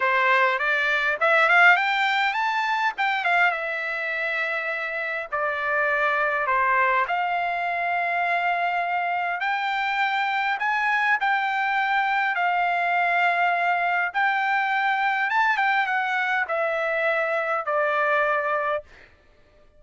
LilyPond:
\new Staff \with { instrumentName = "trumpet" } { \time 4/4 \tempo 4 = 102 c''4 d''4 e''8 f''8 g''4 | a''4 g''8 f''8 e''2~ | e''4 d''2 c''4 | f''1 |
g''2 gis''4 g''4~ | g''4 f''2. | g''2 a''8 g''8 fis''4 | e''2 d''2 | }